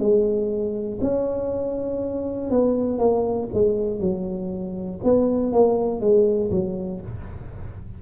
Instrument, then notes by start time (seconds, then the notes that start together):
tuba
0.00 G#3
1.02 C#4
2.51 B3
2.99 A#3
3.54 G#3
4.00 F#3
5.04 B3
5.53 A#3
6.01 G#3
6.51 F#3